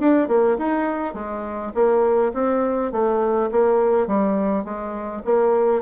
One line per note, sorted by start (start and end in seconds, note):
0.00 0.28 D4
0.28 0.57 A#3
0.58 1.14 D#4
1.14 1.73 G#3
1.75 2.33 A#3
2.34 2.92 C4
2.92 3.50 A3
3.51 4.08 A#3
4.08 4.65 G3
4.65 5.23 G#3
5.25 5.83 A#3